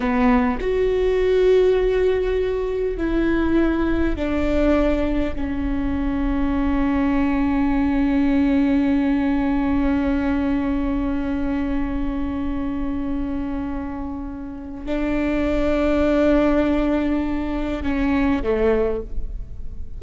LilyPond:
\new Staff \with { instrumentName = "viola" } { \time 4/4 \tempo 4 = 101 b4 fis'2.~ | fis'4 e'2 d'4~ | d'4 cis'2.~ | cis'1~ |
cis'1~ | cis'1~ | cis'4 d'2.~ | d'2 cis'4 a4 | }